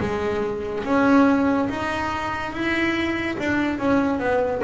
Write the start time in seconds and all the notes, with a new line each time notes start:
0.00 G#3
0.84 C#4
1.69 D#4
2.53 E4
3.39 D4
3.79 C#4
4.19 B3